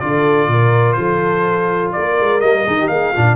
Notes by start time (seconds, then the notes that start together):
0.00 D3 F4 A4 D5
0.48 A#2 A#4
0.93 F3 A4 C5
1.93 A#3 A#4 D5
2.20 G#3
2.41 G3 A#3 D#5
2.65 D#3 D#4 G#4
2.80 G4
2.88 A#3 G#4 F5
3.13 A#2 D4 F4